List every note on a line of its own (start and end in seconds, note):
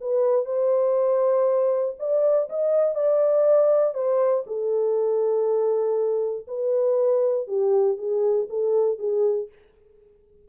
0.00 0.45 B4
0.45 1.95 C5
1.99 2.49 D5
2.49 2.95 D#5
2.95 3.94 D5
3.94 4.44 C5
4.46 6.46 A4
6.47 7.47 B4
7.47 7.97 G4
7.97 8.47 G#4
8.49 8.98 A4
8.98 9.48 G#4